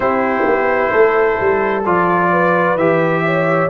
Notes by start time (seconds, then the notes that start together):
0.00 C4 E4 G4 C5
0.46 B3
0.92 A3 A4
1.40 G3
1.85 F3 F4 D5
2.31 B4
2.75 E3 G4 E5
3.25 C#5